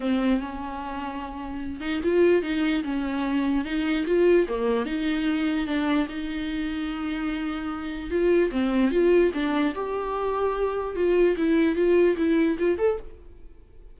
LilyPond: \new Staff \with { instrumentName = "viola" } { \time 4/4 \tempo 4 = 148 c'4 cis'2.~ | cis'8 dis'8 f'4 dis'4 cis'4~ | cis'4 dis'4 f'4 ais4 | dis'2 d'4 dis'4~ |
dis'1 | f'4 c'4 f'4 d'4 | g'2. f'4 | e'4 f'4 e'4 f'8 a'8 | }